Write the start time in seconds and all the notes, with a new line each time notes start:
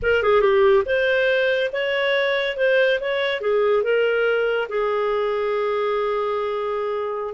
0.02 A#4
0.22 G#4
0.41 G4
0.85 C5
1.72 C#5
2.56 C5
3.00 C#5
3.40 G#4
3.83 A#4
4.68 G#4